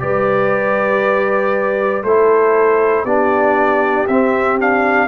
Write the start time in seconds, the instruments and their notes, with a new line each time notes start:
0.00 tuba G3, trombone G4, horn B4, trumpet D5
2.04 tuba A3, trombone E4, horn A4, trumpet C5
3.04 tuba B3, trombone D4, horn G4, trumpet D5
4.08 tuba C4, trombone C4, trumpet E5
4.60 trombone D4, trumpet F5